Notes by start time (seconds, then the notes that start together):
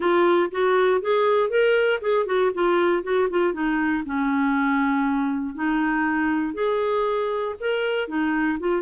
0.00 F4
0.51 F#4
1.01 G#4
1.49 A#4
2.01 G#4
2.26 F#4
2.53 F4
3.03 F#4
3.29 F4
3.53 D#4
4.05 C#4
5.55 D#4
6.54 G#4
7.60 A#4
8.08 D#4
8.59 F4